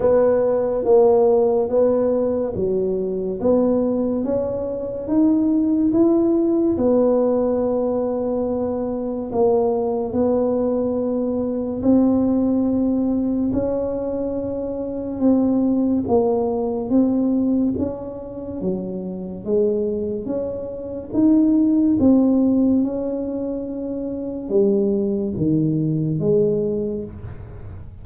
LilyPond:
\new Staff \with { instrumentName = "tuba" } { \time 4/4 \tempo 4 = 71 b4 ais4 b4 fis4 | b4 cis'4 dis'4 e'4 | b2. ais4 | b2 c'2 |
cis'2 c'4 ais4 | c'4 cis'4 fis4 gis4 | cis'4 dis'4 c'4 cis'4~ | cis'4 g4 dis4 gis4 | }